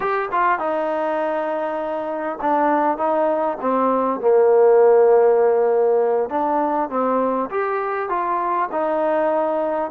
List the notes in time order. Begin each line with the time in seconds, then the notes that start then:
0.00 G4
0.31 F4
0.58 D#4
2.41 D4
2.97 D#4
3.60 C4
4.20 A#3
6.29 D4
6.89 C4
7.50 G4
8.09 F4
8.71 D#4